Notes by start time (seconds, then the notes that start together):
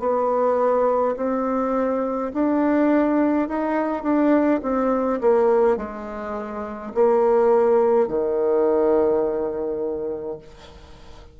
0.00 B3
1.16 C4
2.34 D4
3.49 D#4
4.03 D4
4.63 C4
5.21 A#3
5.77 G#3
6.95 A#3
8.08 D#3